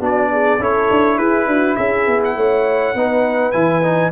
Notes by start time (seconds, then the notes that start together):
0.00 B3 D4 F#4 D5
0.32 G#4
0.59 C#4 E4 A4 C#5
0.91 D4
1.18 E4 G#4 B4
1.47 D4 F#4
1.76 C#4 G#4 E5
2.07 B3
2.25 F#5
2.36 A3 C#5
2.94 B3 D#4 B4
3.52 E3 E4 G#5
3.83 D#4